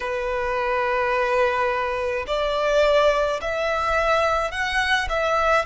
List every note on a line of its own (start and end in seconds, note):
0.00 2.25 B4
2.27 3.40 D5
3.41 4.51 E5
4.51 5.07 F#5
5.09 5.65 E5